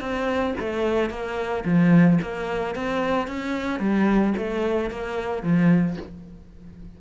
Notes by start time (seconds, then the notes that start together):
0.00 C4
0.59 A3
1.10 A#3
1.64 F3
2.22 A#3
2.75 C4
3.27 C#4
3.79 G3
4.37 A3
4.90 A#3
5.42 F3